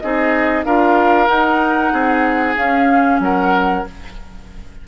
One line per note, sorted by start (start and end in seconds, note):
0.00 0.65 C4
0.00 0.66 D#4
0.00 0.65 G#4
0.00 0.64 D#5
0.65 1.29 D4
0.65 1.28 F4
0.65 1.93 A#4
0.65 1.28 F5
1.28 2.55 D#4
1.28 1.93 D#4
1.28 2.56 F#5
1.93 2.57 C4
1.93 3.21 G#4
2.57 3.20 C#4
2.57 3.86 C#4
2.57 3.21 F5
3.20 3.84 F#3
3.20 3.88 A#4
3.20 3.87 F#5